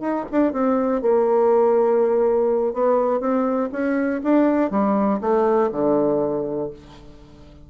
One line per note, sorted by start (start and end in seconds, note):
0.00 0.25 D#4
0.31 0.52 D4
0.52 1.01 C4
1.01 2.73 A#3
2.73 3.20 B3
3.20 3.69 C4
3.72 4.21 C#4
4.23 4.70 D4
4.70 5.19 G3
5.21 5.70 A3
5.72 6.70 D3